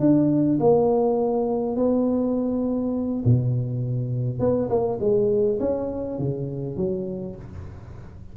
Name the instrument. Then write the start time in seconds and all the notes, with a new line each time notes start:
tuba
0.00 D4
0.60 A#3
1.77 B3
3.25 B2
4.40 B3
4.70 A#3
5.01 G#3
5.60 C#4
6.19 C#3
6.77 F#3